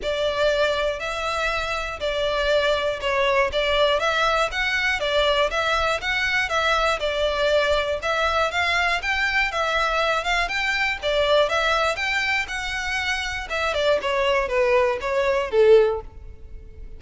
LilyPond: \new Staff \with { instrumentName = "violin" } { \time 4/4 \tempo 4 = 120 d''2 e''2 | d''2 cis''4 d''4 | e''4 fis''4 d''4 e''4 | fis''4 e''4 d''2 |
e''4 f''4 g''4 e''4~ | e''8 f''8 g''4 d''4 e''4 | g''4 fis''2 e''8 d''8 | cis''4 b'4 cis''4 a'4 | }